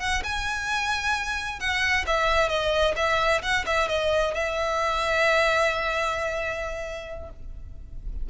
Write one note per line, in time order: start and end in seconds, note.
0.00 0.23 F#5
0.24 1.60 G#5
1.60 2.05 F#5
2.07 2.49 E5
2.49 2.95 D#5
2.96 3.42 E5
3.42 3.65 F#5
3.66 3.89 E5
3.89 4.34 D#5
4.35 7.30 E5